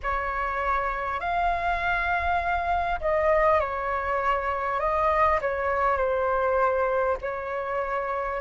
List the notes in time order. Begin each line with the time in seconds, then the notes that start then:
0.02 C#5
1.19 F5
3.00 D#5
3.60 C#5
4.79 D#5
5.41 C#5
5.97 C5
7.21 C#5